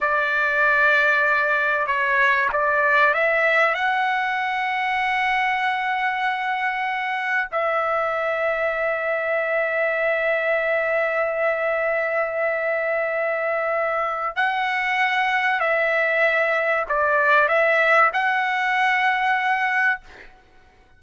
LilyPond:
\new Staff \with { instrumentName = "trumpet" } { \time 4/4 \tempo 4 = 96 d''2. cis''4 | d''4 e''4 fis''2~ | fis''1 | e''1~ |
e''1~ | e''2. fis''4~ | fis''4 e''2 d''4 | e''4 fis''2. | }